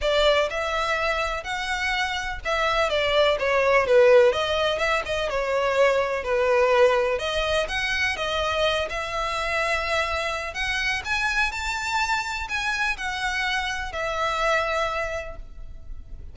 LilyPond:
\new Staff \with { instrumentName = "violin" } { \time 4/4 \tempo 4 = 125 d''4 e''2 fis''4~ | fis''4 e''4 d''4 cis''4 | b'4 dis''4 e''8 dis''8 cis''4~ | cis''4 b'2 dis''4 |
fis''4 dis''4. e''4.~ | e''2 fis''4 gis''4 | a''2 gis''4 fis''4~ | fis''4 e''2. | }